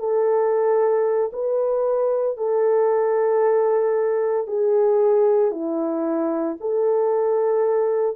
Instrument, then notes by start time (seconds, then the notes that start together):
horn
0.00 A4
1.33 B4
2.37 A4
4.48 G#4
5.52 E4
6.61 A4